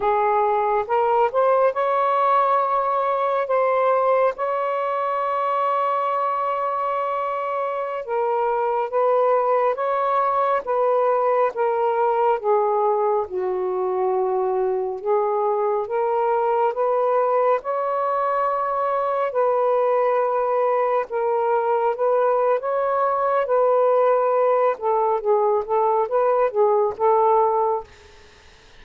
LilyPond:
\new Staff \with { instrumentName = "saxophone" } { \time 4/4 \tempo 4 = 69 gis'4 ais'8 c''8 cis''2 | c''4 cis''2.~ | cis''4~ cis''16 ais'4 b'4 cis''8.~ | cis''16 b'4 ais'4 gis'4 fis'8.~ |
fis'4~ fis'16 gis'4 ais'4 b'8.~ | b'16 cis''2 b'4.~ b'16~ | b'16 ais'4 b'8. cis''4 b'4~ | b'8 a'8 gis'8 a'8 b'8 gis'8 a'4 | }